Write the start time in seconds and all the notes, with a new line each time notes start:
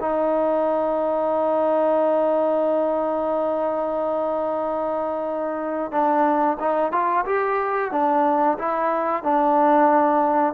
0.00 D#4
5.91 D4
6.59 D#4
6.91 F4
7.25 G4
7.91 D4
8.58 E4
9.22 D4